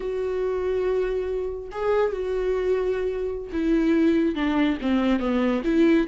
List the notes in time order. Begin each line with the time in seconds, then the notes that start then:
0.00 F#4
1.71 G#4
2.12 F#4
3.52 E4
4.35 D4
4.81 C4
5.19 B3
5.64 E4